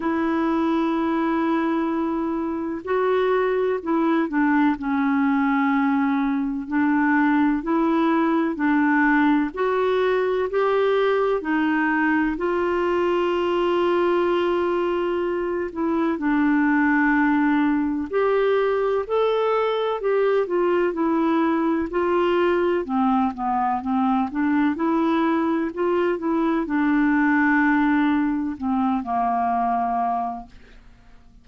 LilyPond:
\new Staff \with { instrumentName = "clarinet" } { \time 4/4 \tempo 4 = 63 e'2. fis'4 | e'8 d'8 cis'2 d'4 | e'4 d'4 fis'4 g'4 | dis'4 f'2.~ |
f'8 e'8 d'2 g'4 | a'4 g'8 f'8 e'4 f'4 | c'8 b8 c'8 d'8 e'4 f'8 e'8 | d'2 c'8 ais4. | }